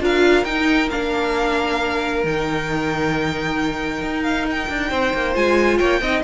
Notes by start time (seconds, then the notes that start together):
0.00 D4 F4 A#4 F5
0.44 D#4 G5
0.90 A#3 D4 F5
2.24 D#3 D#4 G5
4.02 D#4
4.23 F5
4.51 G5
4.69 D4
4.90 C4 C5
5.14 A#3
5.35 G#3 F4 G#5
5.78 A#3 C#5 G5
6.01 C4 D#4 D#5